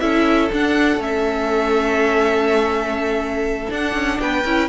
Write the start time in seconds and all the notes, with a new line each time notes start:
0.00 C#4 E4 A4 E5
0.52 D4 F#5
0.97 A3 C#4 E5
3.70 D4 F#5
3.94 C#4
4.19 B3 B4 G5
4.45 C#4 E4